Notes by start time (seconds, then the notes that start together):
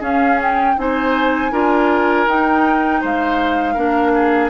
0.00 C#4 G#4 F5
0.42 G5
0.78 C4 D#4 C5 G#5
1.52 D4 F4 A#4
2.27 D#4 G5
3.01 G#3 C5 F5
3.74 A#3 D4 A#4
4.14 G#4